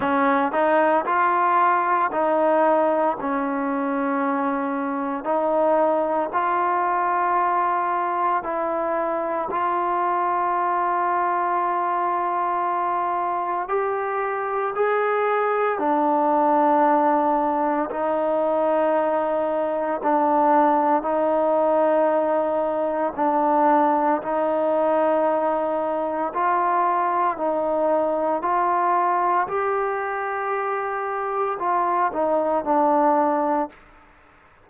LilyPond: \new Staff \with { instrumentName = "trombone" } { \time 4/4 \tempo 4 = 57 cis'8 dis'8 f'4 dis'4 cis'4~ | cis'4 dis'4 f'2 | e'4 f'2.~ | f'4 g'4 gis'4 d'4~ |
d'4 dis'2 d'4 | dis'2 d'4 dis'4~ | dis'4 f'4 dis'4 f'4 | g'2 f'8 dis'8 d'4 | }